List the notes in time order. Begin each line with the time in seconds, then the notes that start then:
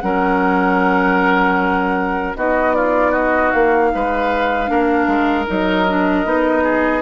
0.00 F#3 C#4 A#4 F#5
2.35 B3 D#4 F#4 D#5
2.75 F4 D5
3.11 F#4 D#5
3.51 A#3 F5
3.95 G#3 B4
4.67 A#3 D4 A#4
5.07 G#3
5.47 F#3 D#4 D#5
5.88 D4
6.25 B3 D#4
6.64 G#4